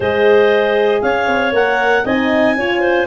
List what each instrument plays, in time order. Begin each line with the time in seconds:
0.00 tuba G#3, horn G#4, clarinet C5 D#5
1.01 tuba C#4, clarinet C#5 F5
1.27 tuba C4
1.52 tuba A#3, horn A#4, clarinet F#5
2.04 tuba C4, horn D#4, clarinet D#5 G#5
2.56 tuba C#4, horn F4, clarinet C#5
2.80 clarinet C5